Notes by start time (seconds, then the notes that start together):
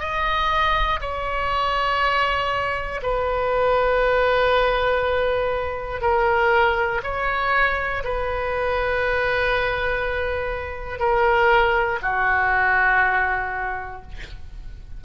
0.00 D#5
1.01 C#5
3.03 B4
6.02 A#4
7.04 C#5
8.05 B4
11.00 A#4
12.03 F#4